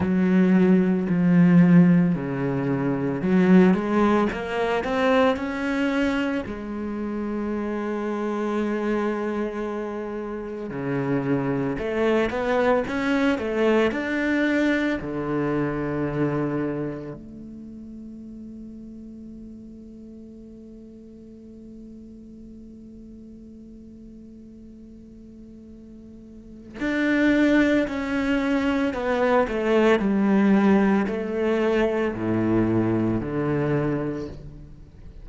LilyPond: \new Staff \with { instrumentName = "cello" } { \time 4/4 \tempo 4 = 56 fis4 f4 cis4 fis8 gis8 | ais8 c'8 cis'4 gis2~ | gis2 cis4 a8 b8 | cis'8 a8 d'4 d2 |
a1~ | a1~ | a4 d'4 cis'4 b8 a8 | g4 a4 a,4 d4 | }